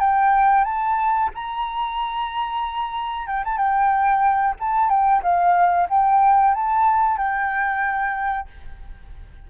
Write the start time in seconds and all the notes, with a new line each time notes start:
0.00 G5
0.65 A5
1.35 A#5
3.28 G5
3.45 A5
3.58 G5
4.60 A5
4.90 G5
5.23 F5
5.90 G5
6.55 A5
7.18 G5